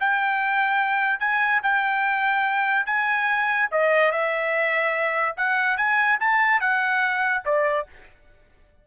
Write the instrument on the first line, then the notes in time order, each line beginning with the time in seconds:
trumpet
0.00 G5
1.19 G#5
1.63 G5
2.86 G#5
3.71 D#5
4.11 E5
5.37 F#5
5.77 G#5
6.20 A5
6.60 F#5
7.45 D5